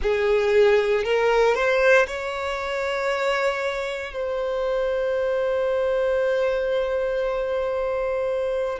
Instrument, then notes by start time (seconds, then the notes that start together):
violin
0.02 G#4
1.03 A#4
1.54 C5
2.06 C#5
4.13 C5